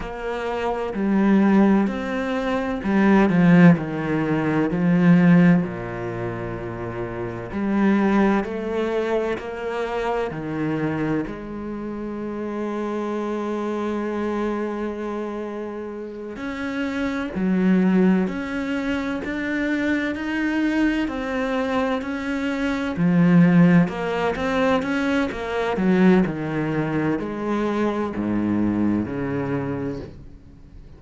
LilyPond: \new Staff \with { instrumentName = "cello" } { \time 4/4 \tempo 4 = 64 ais4 g4 c'4 g8 f8 | dis4 f4 ais,2 | g4 a4 ais4 dis4 | gis1~ |
gis4. cis'4 fis4 cis'8~ | cis'8 d'4 dis'4 c'4 cis'8~ | cis'8 f4 ais8 c'8 cis'8 ais8 fis8 | dis4 gis4 gis,4 cis4 | }